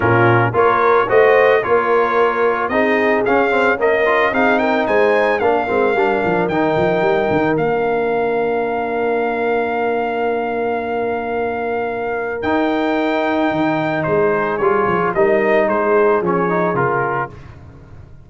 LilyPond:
<<
  \new Staff \with { instrumentName = "trumpet" } { \time 4/4 \tempo 4 = 111 ais'4 cis''4 dis''4 cis''4~ | cis''4 dis''4 f''4 dis''4 | f''8 g''8 gis''4 f''2 | g''2 f''2~ |
f''1~ | f''2. g''4~ | g''2 c''4 cis''4 | dis''4 c''4 cis''4 ais'4 | }
  \new Staff \with { instrumentName = "horn" } { \time 4/4 f'4 ais'4 c''4 ais'4~ | ais'4 gis'2 ais'4 | gis'8 ais'8 c''4 ais'2~ | ais'1~ |
ais'1~ | ais'1~ | ais'2 gis'2 | ais'4 gis'2. | }
  \new Staff \with { instrumentName = "trombone" } { \time 4/4 cis'4 f'4 fis'4 f'4~ | f'4 dis'4 cis'8 c'8 ais8 f'8 | dis'2 d'8 c'8 d'4 | dis'2 d'2~ |
d'1~ | d'2. dis'4~ | dis'2. f'4 | dis'2 cis'8 dis'8 f'4 | }
  \new Staff \with { instrumentName = "tuba" } { \time 4/4 ais,4 ais4 a4 ais4~ | ais4 c'4 cis'2 | c'4 gis4 ais8 gis8 g8 f8 | dis8 f8 g8 dis8 ais2~ |
ais1~ | ais2. dis'4~ | dis'4 dis4 gis4 g8 f8 | g4 gis4 f4 cis4 | }
>>